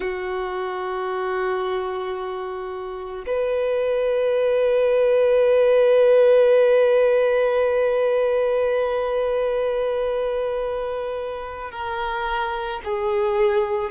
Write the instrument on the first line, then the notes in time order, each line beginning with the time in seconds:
violin
0.00 F#4
3.26 B4
11.71 A#4
12.84 G#4